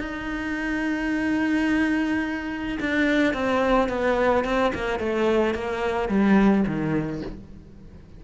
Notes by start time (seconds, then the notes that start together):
0.00 D#4
2.80 D4
3.34 C4
3.89 B3
4.44 C4
4.74 A#3
4.99 A3
5.54 A#3
6.09 G3
6.67 D#3